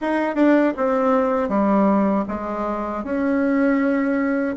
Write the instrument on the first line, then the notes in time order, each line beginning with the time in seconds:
bassoon
0.01 D#4
0.35 D4
0.76 C4
1.48 G3
2.28 G#3
3.04 C#4